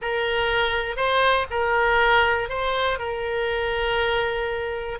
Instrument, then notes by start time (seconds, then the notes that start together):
oboe
0.01 A#4
0.96 C5
1.50 A#4
2.49 C5
2.98 A#4